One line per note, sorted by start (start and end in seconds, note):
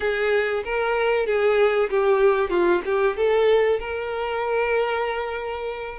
0.00 0.63 G#4
0.64 1.26 A#4
1.26 1.89 G#4
1.89 2.50 G4
2.50 2.81 F4
2.85 3.17 G4
3.17 3.79 A4
3.79 5.99 A#4